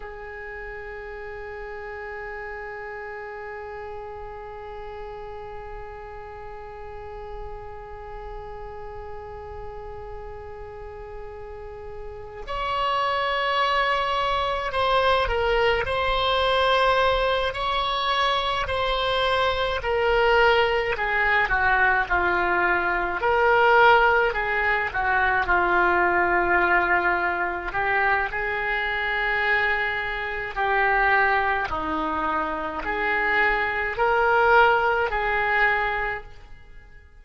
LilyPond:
\new Staff \with { instrumentName = "oboe" } { \time 4/4 \tempo 4 = 53 gis'1~ | gis'1~ | gis'2. cis''4~ | cis''4 c''8 ais'8 c''4. cis''8~ |
cis''8 c''4 ais'4 gis'8 fis'8 f'8~ | f'8 ais'4 gis'8 fis'8 f'4.~ | f'8 g'8 gis'2 g'4 | dis'4 gis'4 ais'4 gis'4 | }